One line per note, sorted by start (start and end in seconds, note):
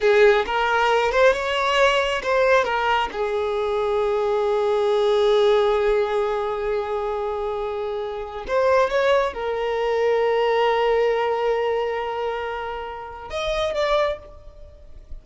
0.01 0.45 G#4
0.45 1.11 A#4
1.11 1.33 C5
1.33 2.22 C#5
2.22 2.64 C5
2.64 3.08 A#4
3.12 8.45 G#4
8.47 8.89 C5
8.89 9.33 C#5
9.33 13.30 A#4
13.30 13.74 D#5
13.74 14.18 D5